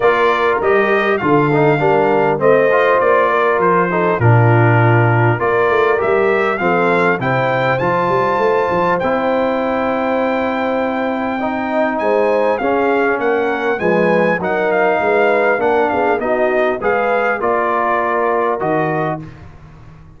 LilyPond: <<
  \new Staff \with { instrumentName = "trumpet" } { \time 4/4 \tempo 4 = 100 d''4 dis''4 f''2 | dis''4 d''4 c''4 ais'4~ | ais'4 d''4 e''4 f''4 | g''4 a''2 g''4~ |
g''1 | gis''4 f''4 fis''4 gis''4 | fis''8 f''4. fis''8 f''8 dis''4 | f''4 d''2 dis''4 | }
  \new Staff \with { instrumentName = "horn" } { \time 4/4 ais'2 a'4 ais'4 | c''4. ais'4 a'8 f'4~ | f'4 ais'2 a'4 | c''1~ |
c''2. dis''4 | c''4 gis'4 ais'4 b'4 | ais'4 b'4 ais'8 gis'8 fis'4 | b'4 ais'2. | }
  \new Staff \with { instrumentName = "trombone" } { \time 4/4 f'4 g'4 f'8 dis'8 d'4 | c'8 f'2 dis'8 d'4~ | d'4 f'4 g'4 c'4 | e'4 f'2 e'4~ |
e'2. dis'4~ | dis'4 cis'2 gis4 | dis'2 d'4 dis'4 | gis'4 f'2 fis'4 | }
  \new Staff \with { instrumentName = "tuba" } { \time 4/4 ais4 g4 d4 g4 | a4 ais4 f4 ais,4~ | ais,4 ais8 a8 g4 f4 | c4 f8 g8 a8 f8 c'4~ |
c'1 | gis4 cis'4 ais4 f4 | fis4 gis4 ais8 b16 ais16 b4 | gis4 ais2 dis4 | }
>>